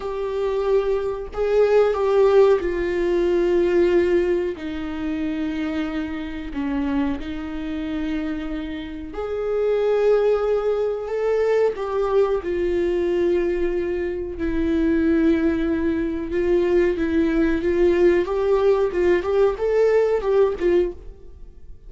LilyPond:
\new Staff \with { instrumentName = "viola" } { \time 4/4 \tempo 4 = 92 g'2 gis'4 g'4 | f'2. dis'4~ | dis'2 cis'4 dis'4~ | dis'2 gis'2~ |
gis'4 a'4 g'4 f'4~ | f'2 e'2~ | e'4 f'4 e'4 f'4 | g'4 f'8 g'8 a'4 g'8 f'8 | }